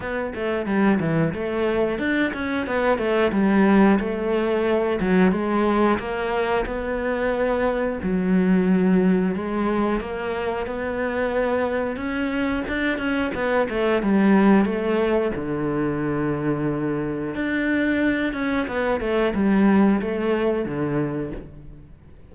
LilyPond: \new Staff \with { instrumentName = "cello" } { \time 4/4 \tempo 4 = 90 b8 a8 g8 e8 a4 d'8 cis'8 | b8 a8 g4 a4. fis8 | gis4 ais4 b2 | fis2 gis4 ais4 |
b2 cis'4 d'8 cis'8 | b8 a8 g4 a4 d4~ | d2 d'4. cis'8 | b8 a8 g4 a4 d4 | }